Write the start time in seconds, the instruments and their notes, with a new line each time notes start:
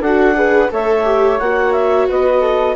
0.00 bassoon D4, viola F#4, flute A4, clarinet F#5
0.34 viola G#4, flute B4
0.70 bassoon A3, viola A4, flute C#5, clarinet E5
1.03 viola G4
1.39 bassoon A#3, viola F#4, clarinet F#5
1.72 clarinet E5
2.08 bassoon B3, flute B4, clarinet D#5
2.40 flute A4